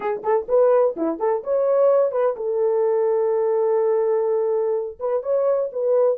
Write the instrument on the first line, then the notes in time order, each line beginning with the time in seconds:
horn
0.00 G#4
0.23 A4
0.48 B4
0.96 E4
1.19 A4
1.43 C#5
2.11 B4
2.36 A4
4.99 B4
5.22 C#5
5.72 B4